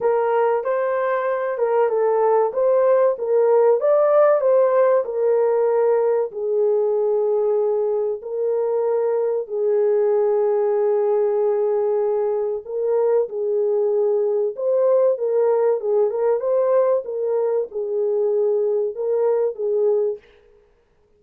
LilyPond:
\new Staff \with { instrumentName = "horn" } { \time 4/4 \tempo 4 = 95 ais'4 c''4. ais'8 a'4 | c''4 ais'4 d''4 c''4 | ais'2 gis'2~ | gis'4 ais'2 gis'4~ |
gis'1 | ais'4 gis'2 c''4 | ais'4 gis'8 ais'8 c''4 ais'4 | gis'2 ais'4 gis'4 | }